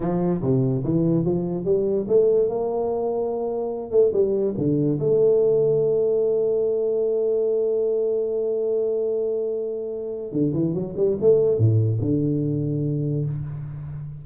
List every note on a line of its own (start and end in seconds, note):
0.00 0.41 F3
0.41 0.83 C3
0.84 1.25 E3
1.25 1.65 F3
1.65 2.06 G3
2.08 2.48 A3
2.48 3.91 A#3
3.91 4.12 A3
4.12 4.54 G3
4.57 4.99 D3
4.99 10.32 A3
10.32 10.52 D3
10.53 10.73 E3
10.73 10.94 F#3
10.96 11.17 G3
11.20 11.57 A3
11.57 11.99 A2
12.01 13.25 D3